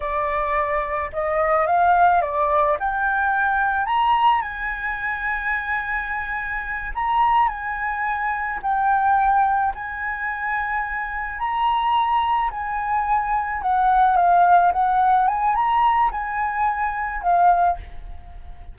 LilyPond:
\new Staff \with { instrumentName = "flute" } { \time 4/4 \tempo 4 = 108 d''2 dis''4 f''4 | d''4 g''2 ais''4 | gis''1~ | gis''8 ais''4 gis''2 g''8~ |
g''4. gis''2~ gis''8~ | gis''8 ais''2 gis''4.~ | gis''8 fis''4 f''4 fis''4 gis''8 | ais''4 gis''2 f''4 | }